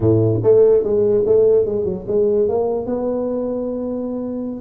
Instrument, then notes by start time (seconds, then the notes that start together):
tuba
0.00 A2
0.43 A3
0.83 G#3
1.25 A3
1.65 G#3
1.84 F#3
2.07 G#3
2.48 A#3
2.86 B3